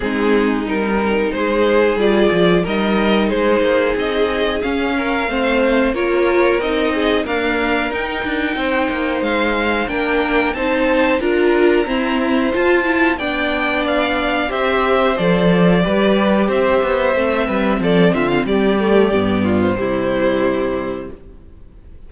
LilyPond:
<<
  \new Staff \with { instrumentName = "violin" } { \time 4/4 \tempo 4 = 91 gis'4 ais'4 c''4 d''4 | dis''4 c''4 dis''4 f''4~ | f''4 cis''4 dis''4 f''4 | g''2 f''4 g''4 |
a''4 ais''2 a''4 | g''4 f''4 e''4 d''4~ | d''4 e''2 d''8 e''16 f''16 | d''4.~ d''16 c''2~ c''16 | }
  \new Staff \with { instrumentName = "violin" } { \time 4/4 dis'2 gis'2 | ais'4 gis'2~ gis'8 ais'8 | c''4 ais'4. gis'8 ais'4~ | ais'4 c''2 ais'4 |
c''4 ais'4 c''2 | d''2 c''2 | b'4 c''4. b'8 a'8 f'8 | g'4. f'8 e'2 | }
  \new Staff \with { instrumentName = "viola" } { \time 4/4 c'4 dis'2 f'4 | dis'2. cis'4 | c'4 f'4 dis'4 ais4 | dis'2. d'4 |
dis'4 f'4 c'4 f'8 e'8 | d'2 g'4 a'4 | g'2 c'2~ | c'8 a8 b4 g2 | }
  \new Staff \with { instrumentName = "cello" } { \time 4/4 gis4 g4 gis4 g8 f8 | g4 gis8 ais8 c'4 cis'4 | a4 ais4 c'4 d'4 | dis'8 d'8 c'8 ais8 gis4 ais4 |
c'4 d'4 e'4 f'4 | b2 c'4 f4 | g4 c'8 b8 a8 g8 f8 d8 | g4 g,4 c2 | }
>>